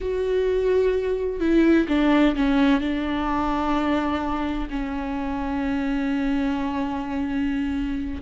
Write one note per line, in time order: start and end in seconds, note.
0.01 1.40 F#4
1.40 1.86 E4
1.88 2.35 D4
2.35 2.80 C#4
2.80 4.68 D4
4.70 8.21 C#4